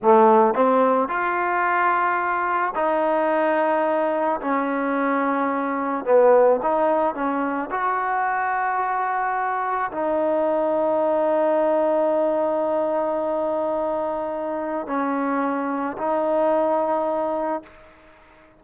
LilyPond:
\new Staff \with { instrumentName = "trombone" } { \time 4/4 \tempo 4 = 109 a4 c'4 f'2~ | f'4 dis'2. | cis'2. b4 | dis'4 cis'4 fis'2~ |
fis'2 dis'2~ | dis'1~ | dis'2. cis'4~ | cis'4 dis'2. | }